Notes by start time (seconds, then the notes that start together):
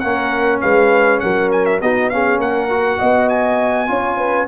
0.00 A#3 C#4 A#4 F#5
0.61 G#3 B4 F5
1.20 F#3 A#4 F#5
1.52 G#5
1.66 E5
1.82 B3 D#4 F#4 D#5
2.10 C#4 G#4 F5
2.39 A#3 A#4 F#5
2.70 F#4
2.99 B3 D#5
3.29 G#5
3.87 C#4 F4 C#5
4.18 B4